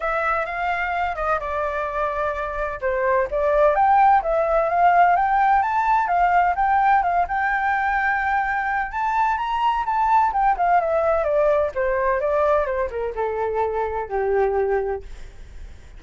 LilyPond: \new Staff \with { instrumentName = "flute" } { \time 4/4 \tempo 4 = 128 e''4 f''4. dis''8 d''4~ | d''2 c''4 d''4 | g''4 e''4 f''4 g''4 | a''4 f''4 g''4 f''8 g''8~ |
g''2. a''4 | ais''4 a''4 g''8 f''8 e''4 | d''4 c''4 d''4 c''8 ais'8 | a'2 g'2 | }